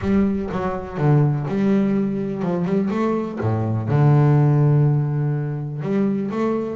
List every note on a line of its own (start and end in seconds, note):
0.01 0.49 G3
0.51 0.97 F#3
0.97 1.46 D3
1.48 2.42 G3
2.42 2.65 F3
2.65 2.89 G3
2.90 3.38 A3
3.40 3.88 A2
3.88 5.82 D3
5.82 6.30 G3
6.30 6.76 A3